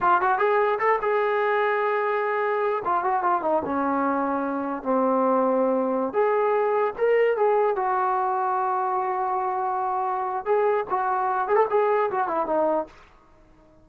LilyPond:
\new Staff \with { instrumentName = "trombone" } { \time 4/4 \tempo 4 = 149 f'8 fis'8 gis'4 a'8 gis'4.~ | gis'2. f'8 fis'8 | f'8 dis'8 cis'2. | c'2.~ c'16 gis'8.~ |
gis'4~ gis'16 ais'4 gis'4 fis'8.~ | fis'1~ | fis'2 gis'4 fis'4~ | fis'8 gis'16 a'16 gis'4 fis'8 e'8 dis'4 | }